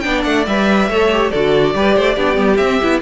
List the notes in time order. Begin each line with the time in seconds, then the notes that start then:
0.00 B3 D4 D5 G5
0.23 A3 F#5
0.47 G3 B4 E5
0.89 A3 A4 C#5
1.12 G4
1.31 D3 F#4 A4 D5
1.74 G3 G4 B4
1.96 A3 C5
2.15 B3 D4 G4
2.35 G3 B3
2.57 C4 E5
2.82 B3 E4